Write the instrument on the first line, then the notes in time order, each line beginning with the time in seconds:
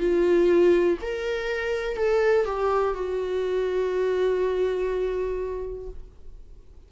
viola
0.00 F4
1.01 A#4
1.97 A4
2.45 G4
2.94 F#4